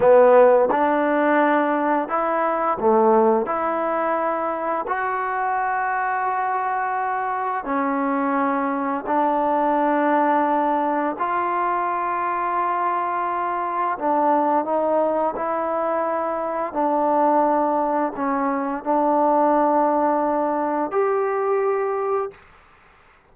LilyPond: \new Staff \with { instrumentName = "trombone" } { \time 4/4 \tempo 4 = 86 b4 d'2 e'4 | a4 e'2 fis'4~ | fis'2. cis'4~ | cis'4 d'2. |
f'1 | d'4 dis'4 e'2 | d'2 cis'4 d'4~ | d'2 g'2 | }